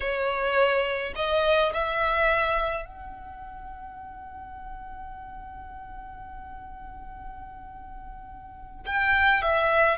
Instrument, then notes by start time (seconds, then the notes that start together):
violin
0.00 C#5
1.15 D#5
1.73 E5
2.85 F#5
8.85 G5
9.42 E5